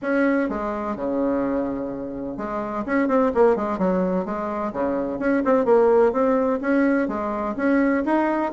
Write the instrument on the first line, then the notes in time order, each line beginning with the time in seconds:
bassoon
0.02 C#4
0.49 G#3
0.96 C#3
2.37 G#3
2.85 C#4
3.08 C4
3.34 A#3
3.56 G#3
3.78 F#3
4.25 G#3
4.72 C#3
5.19 C#4
5.45 C4
5.65 A#3
6.12 C4
6.61 C#4
7.08 G#3
7.56 C#4
8.05 D#4